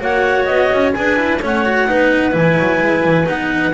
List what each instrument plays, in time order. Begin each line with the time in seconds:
0.00 double bass A#3, cello F#4, clarinet C#5 F#5
0.45 double bass B3, clarinet D#5
0.73 double bass C#4
0.93 double bass D4, cello G#4, clarinet B4 G#5
1.17 cello E4
1.43 double bass A3, cello C#4, clarinet C#5 F#5
1.66 cello F#4
1.88 double bass B3, cello D#4, clarinet B4
2.32 double bass E3, cello E4, clarinet G#5
2.59 double bass F#3
2.82 double bass G#3
3.04 double bass E3
3.26 double bass B3, cello D#4, clarinet F#5